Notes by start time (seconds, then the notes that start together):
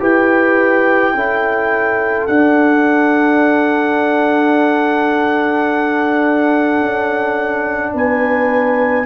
0.00 E4 G4 B4 G5
1.14 C#4 E4 A4
2.27 D4 F#5
6.82 C#4
7.94 B3 B4 G#5